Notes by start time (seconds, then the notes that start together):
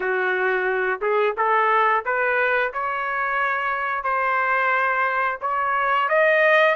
0.00 F#4
1.01 G#4
1.37 A4
2.05 B4
2.73 C#5
4.03 C5
5.41 C#5
6.08 D#5